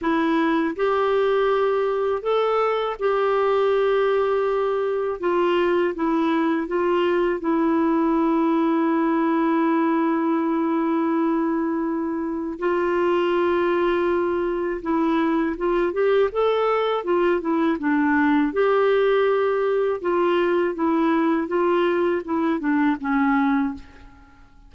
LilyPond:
\new Staff \with { instrumentName = "clarinet" } { \time 4/4 \tempo 4 = 81 e'4 g'2 a'4 | g'2. f'4 | e'4 f'4 e'2~ | e'1~ |
e'4 f'2. | e'4 f'8 g'8 a'4 f'8 e'8 | d'4 g'2 f'4 | e'4 f'4 e'8 d'8 cis'4 | }